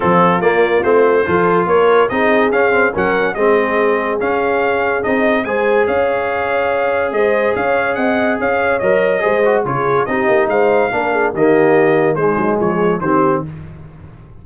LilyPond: <<
  \new Staff \with { instrumentName = "trumpet" } { \time 4/4 \tempo 4 = 143 a'4 d''4 c''2 | cis''4 dis''4 f''4 fis''4 | dis''2 f''2 | dis''4 gis''4 f''2~ |
f''4 dis''4 f''4 fis''4 | f''4 dis''2 cis''4 | dis''4 f''2 dis''4~ | dis''4 c''4 cis''4 c''4 | }
  \new Staff \with { instrumentName = "horn" } { \time 4/4 f'2. a'4 | ais'4 gis'2 ais'4 | gis'1~ | gis'4 c''4 cis''2~ |
cis''4 c''4 cis''4 dis''4 | cis''2 c''4 gis'4 | g'4 c''4 ais'8 gis'8 g'4~ | g'4 dis'4 gis'4 g'4 | }
  \new Staff \with { instrumentName = "trombone" } { \time 4/4 c'4 ais4 c'4 f'4~ | f'4 dis'4 cis'8 c'8 cis'4 | c'2 cis'2 | dis'4 gis'2.~ |
gis'1~ | gis'4 ais'4 gis'8 fis'8 f'4 | dis'2 d'4 ais4~ | ais4 gis2 c'4 | }
  \new Staff \with { instrumentName = "tuba" } { \time 4/4 f4 ais4 a4 f4 | ais4 c'4 cis'4 fis4 | gis2 cis'2 | c'4 gis4 cis'2~ |
cis'4 gis4 cis'4 c'4 | cis'4 fis4 gis4 cis4 | c'8 ais8 gis4 ais4 dis4~ | dis4 gis8 fis8 f4 dis4 | }
>>